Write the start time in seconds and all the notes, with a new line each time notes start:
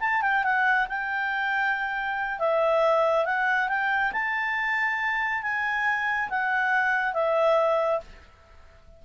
0.00 A5
0.22 G5
0.43 F#5
0.89 G5
2.39 E5
3.25 F#5
3.68 G5
4.12 A5
5.42 G#5
6.29 F#5
7.13 E5